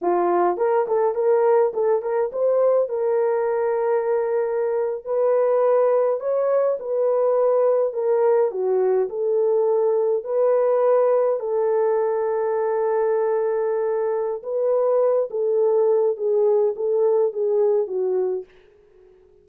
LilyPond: \new Staff \with { instrumentName = "horn" } { \time 4/4 \tempo 4 = 104 f'4 ais'8 a'8 ais'4 a'8 ais'8 | c''4 ais'2.~ | ais'8. b'2 cis''4 b'16~ | b'4.~ b'16 ais'4 fis'4 a'16~ |
a'4.~ a'16 b'2 a'16~ | a'1~ | a'4 b'4. a'4. | gis'4 a'4 gis'4 fis'4 | }